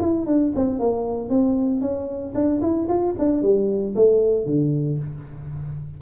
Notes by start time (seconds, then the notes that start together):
0.00 E4
0.26 D4
0.56 C4
0.79 A#3
1.30 C4
1.81 C#4
2.35 D4
2.61 E4
2.89 F4
3.19 D4
3.42 G3
3.95 A3
4.46 D3